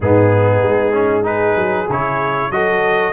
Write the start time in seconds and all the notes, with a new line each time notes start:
0.00 G#2 B3 D#4 G#4
0.61 G#3
0.92 C#4
1.23 D#4 G#4 B4
1.56 F#3
1.89 C#3 E4 C#5
2.50 F#3 F#4 A4 D#5